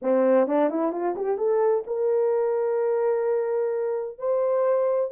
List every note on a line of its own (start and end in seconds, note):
0.02 0.47 C4
0.47 0.70 D4
0.70 0.92 E4
0.92 1.15 F4
1.15 1.37 G4
1.37 1.84 A4
1.86 4.18 A#4
4.18 5.11 C5